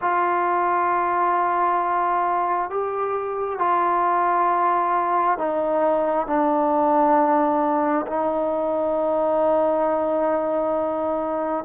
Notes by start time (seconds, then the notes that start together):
0.01 F4
2.69 G4
3.59 F4
5.37 D#4
6.26 D4
8.06 D#4